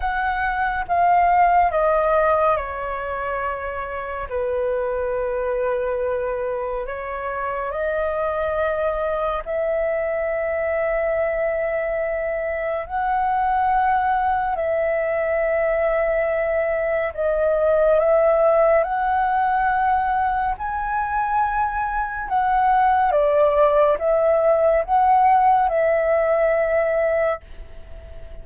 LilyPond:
\new Staff \with { instrumentName = "flute" } { \time 4/4 \tempo 4 = 70 fis''4 f''4 dis''4 cis''4~ | cis''4 b'2. | cis''4 dis''2 e''4~ | e''2. fis''4~ |
fis''4 e''2. | dis''4 e''4 fis''2 | gis''2 fis''4 d''4 | e''4 fis''4 e''2 | }